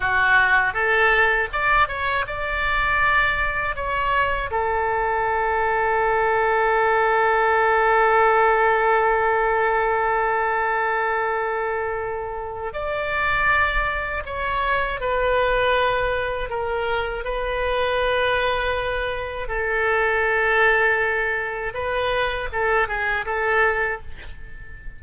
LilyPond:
\new Staff \with { instrumentName = "oboe" } { \time 4/4 \tempo 4 = 80 fis'4 a'4 d''8 cis''8 d''4~ | d''4 cis''4 a'2~ | a'1~ | a'1~ |
a'4 d''2 cis''4 | b'2 ais'4 b'4~ | b'2 a'2~ | a'4 b'4 a'8 gis'8 a'4 | }